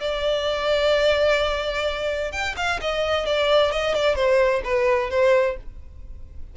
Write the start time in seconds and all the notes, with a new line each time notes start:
0.00 D5
2.32 G5
2.57 F5
2.81 D#5
3.26 D5
3.71 D#5
3.95 D5
4.15 C5
4.64 B4
5.10 C5